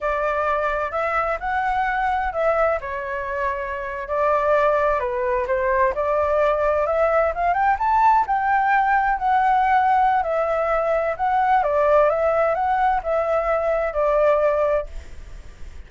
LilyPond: \new Staff \with { instrumentName = "flute" } { \time 4/4 \tempo 4 = 129 d''2 e''4 fis''4~ | fis''4 e''4 cis''2~ | cis''8. d''2 b'4 c''16~ | c''8. d''2 e''4 f''16~ |
f''16 g''8 a''4 g''2 fis''16~ | fis''2 e''2 | fis''4 d''4 e''4 fis''4 | e''2 d''2 | }